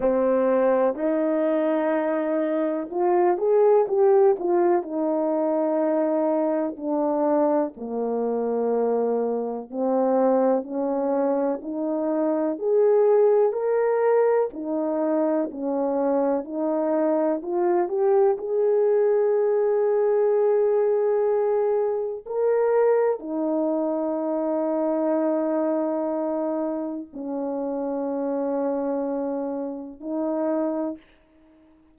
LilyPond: \new Staff \with { instrumentName = "horn" } { \time 4/4 \tempo 4 = 62 c'4 dis'2 f'8 gis'8 | g'8 f'8 dis'2 d'4 | ais2 c'4 cis'4 | dis'4 gis'4 ais'4 dis'4 |
cis'4 dis'4 f'8 g'8 gis'4~ | gis'2. ais'4 | dis'1 | cis'2. dis'4 | }